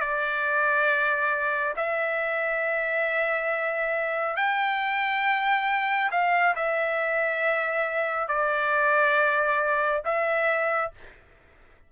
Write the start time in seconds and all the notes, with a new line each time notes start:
0.00 D5
1.76 E5
4.36 G5
6.11 F5
6.55 E5
8.28 D5
10.05 E5